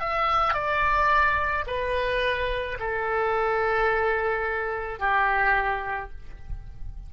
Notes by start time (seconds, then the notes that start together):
0.00 E5
0.53 D5
1.67 B4
2.79 A4
4.99 G4